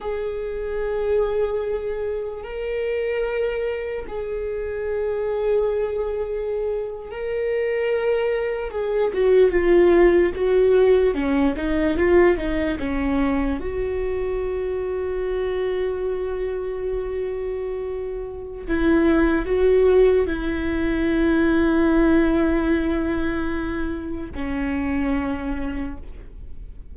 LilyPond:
\new Staff \with { instrumentName = "viola" } { \time 4/4 \tempo 4 = 74 gis'2. ais'4~ | ais'4 gis'2.~ | gis'8. ais'2 gis'8 fis'8 f'16~ | f'8. fis'4 cis'8 dis'8 f'8 dis'8 cis'16~ |
cis'8. fis'2.~ fis'16~ | fis'2. e'4 | fis'4 e'2.~ | e'2 cis'2 | }